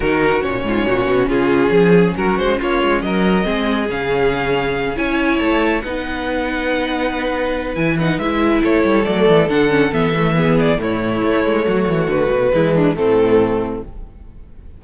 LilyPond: <<
  \new Staff \with { instrumentName = "violin" } { \time 4/4 \tempo 4 = 139 ais'4 cis''2 gis'4~ | gis'4 ais'8 c''8 cis''4 dis''4~ | dis''4 f''2~ f''8 gis''8~ | gis''8 a''4 fis''2~ fis''8~ |
fis''2 gis''8 fis''8 e''4 | cis''4 d''4 fis''4 e''4~ | e''8 d''8 cis''2. | b'2 a'2 | }
  \new Staff \with { instrumentName = "violin" } { \time 4/4 fis'4. f'8 fis'4 f'4 | gis'4 fis'4 f'4 ais'4 | gis'2.~ gis'8 cis''8~ | cis''4. b'2~ b'8~ |
b'1 | a'1 | gis'4 e'2 fis'4~ | fis'4 e'8 d'8 c'2 | }
  \new Staff \with { instrumentName = "viola" } { \time 4/4 dis'4 cis'2.~ | cis'1 | c'4 cis'2~ cis'8 e'8~ | e'4. dis'2~ dis'8~ |
dis'2 e'8 dis'8 e'4~ | e'4 a4 d'8 cis'8 b8 a8 | b4 a2.~ | a4 gis4 a2 | }
  \new Staff \with { instrumentName = "cello" } { \time 4/4 dis4 ais,8 gis,8 ais,8 b,8 cis4 | f4 fis8 gis8 ais8 gis8 fis4 | gis4 cis2~ cis8 cis'8~ | cis'8 a4 b2~ b8~ |
b2 e4 gis4 | a8 g8 fis8 e8 d4 e4~ | e4 a,4 a8 gis8 fis8 e8 | d8 b,8 e4 a,2 | }
>>